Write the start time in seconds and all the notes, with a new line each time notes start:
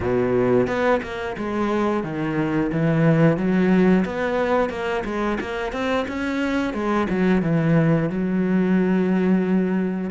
0.00 B2
0.67 B3
1.02 A#3
1.37 G#3
2.03 D#3
2.72 E3
3.37 F#3
4.05 B3
4.69 A#3
5.04 G#3
5.40 A#3
5.72 C4
6.08 C#4
6.73 G#3
7.09 F#3
7.42 E3
8.09 F#3